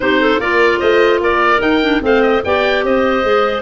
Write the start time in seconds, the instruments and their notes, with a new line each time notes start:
0.00 tuba C4, clarinet D#4 G4, oboe C5
0.21 clarinet A4
0.38 tuba A#3, clarinet F4 A#4, oboe D5
0.79 tuba A3, clarinet C5, oboe D#5
1.20 tuba A#3, clarinet A#4, oboe D5
1.58 clarinet D#4, tuba D#4, oboe G5
1.82 clarinet D4
2.01 tuba A3, clarinet C4 C5, oboe F5
2.22 oboe D#5
2.44 tuba B3, clarinet G4 D5, oboe G5
2.84 tuba C4, clarinet C5, oboe D#5
3.23 tuba G#3, clarinet G#4